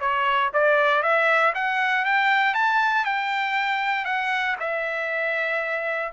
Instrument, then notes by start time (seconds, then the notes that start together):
trumpet
0.00 C#5
0.53 D5
1.02 E5
1.54 F#5
2.05 G5
2.54 A5
3.04 G5
4.05 F#5
4.59 E5